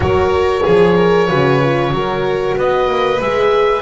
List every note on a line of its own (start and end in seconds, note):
0.00 0.61 F#3
0.00 0.64 F#4
0.00 0.62 A#4
0.00 2.55 C#5
0.62 1.30 F3
0.62 0.94 G#4
0.62 1.29 G#4
0.96 1.28 A#4
1.28 1.91 C#3
1.28 1.61 F#4
1.28 1.92 B4
1.62 1.91 F4
1.91 2.54 F#3
1.91 3.19 F#4
1.91 2.57 A#4
2.57 2.88 B3
2.57 3.82 B4
2.57 3.21 D#5
2.88 3.20 A#3
3.20 3.82 G#3
3.20 3.82 G#4
3.20 3.82 E5